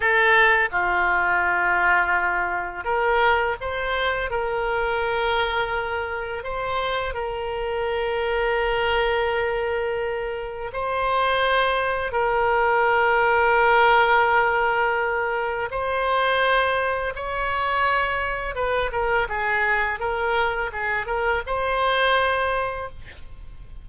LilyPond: \new Staff \with { instrumentName = "oboe" } { \time 4/4 \tempo 4 = 84 a'4 f'2. | ais'4 c''4 ais'2~ | ais'4 c''4 ais'2~ | ais'2. c''4~ |
c''4 ais'2.~ | ais'2 c''2 | cis''2 b'8 ais'8 gis'4 | ais'4 gis'8 ais'8 c''2 | }